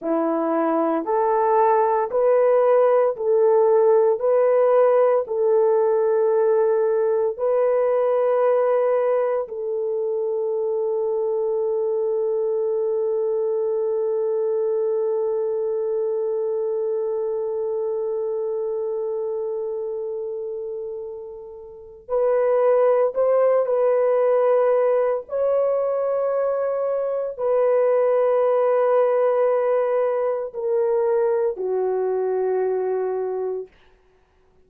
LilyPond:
\new Staff \with { instrumentName = "horn" } { \time 4/4 \tempo 4 = 57 e'4 a'4 b'4 a'4 | b'4 a'2 b'4~ | b'4 a'2.~ | a'1~ |
a'1~ | a'4 b'4 c''8 b'4. | cis''2 b'2~ | b'4 ais'4 fis'2 | }